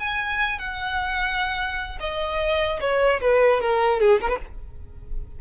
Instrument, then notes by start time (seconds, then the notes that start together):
violin
0.00 G#5
0.59 F#5
2.00 D#5
2.81 C#5
3.21 B4
3.61 A#4
4.01 G#4
4.21 A#4
4.29 B4